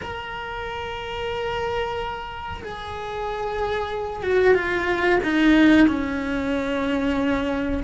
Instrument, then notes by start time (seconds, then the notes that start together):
cello
0.02 A#4
2.63 G#4
4.22 F#4
4.54 F4
5.23 D#4
5.87 C#4